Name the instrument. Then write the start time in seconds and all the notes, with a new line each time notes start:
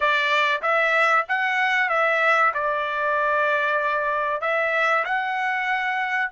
trumpet
0.00 D5
0.61 E5
1.28 F#5
1.89 E5
2.53 D5
4.41 E5
5.04 F#5